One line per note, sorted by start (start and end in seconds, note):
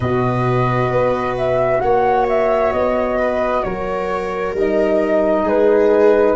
0.00 0.89 B2
0.00 4.56 F#4
0.00 1.80 B4
0.00 1.36 D#5
0.89 1.80 B3
1.37 1.80 E5
1.80 2.72 A#3
1.80 3.18 C#5
1.80 2.26 F#5
2.28 2.72 E5
2.72 3.63 B3
2.72 3.63 D#5
3.18 3.63 B4
3.63 4.52 F#3
3.63 5.43 A#4
3.63 4.54 C#5
4.52 5.43 G3
4.52 6.36 D#4
4.52 5.48 D#5
5.43 6.34 G#3
5.43 6.34 G#4
5.43 6.36 B4